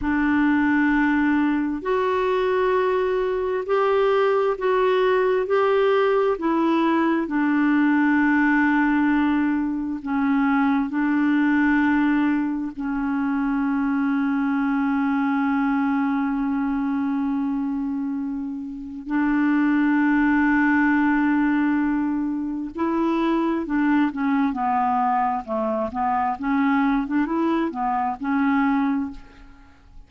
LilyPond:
\new Staff \with { instrumentName = "clarinet" } { \time 4/4 \tempo 4 = 66 d'2 fis'2 | g'4 fis'4 g'4 e'4 | d'2. cis'4 | d'2 cis'2~ |
cis'1~ | cis'4 d'2.~ | d'4 e'4 d'8 cis'8 b4 | a8 b8 cis'8. d'16 e'8 b8 cis'4 | }